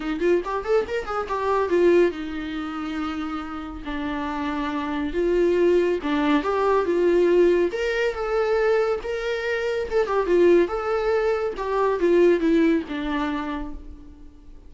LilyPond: \new Staff \with { instrumentName = "viola" } { \time 4/4 \tempo 4 = 140 dis'8 f'8 g'8 a'8 ais'8 gis'8 g'4 | f'4 dis'2.~ | dis'4 d'2. | f'2 d'4 g'4 |
f'2 ais'4 a'4~ | a'4 ais'2 a'8 g'8 | f'4 a'2 g'4 | f'4 e'4 d'2 | }